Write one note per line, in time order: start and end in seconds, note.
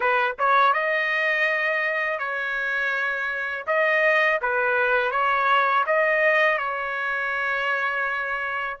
0.00 0.35 B4
0.39 0.73 C#5
0.73 2.18 D#5
2.18 3.65 C#5
3.66 4.39 D#5
4.41 5.11 B4
5.11 5.84 C#5
5.86 6.58 D#5
6.58 8.77 C#5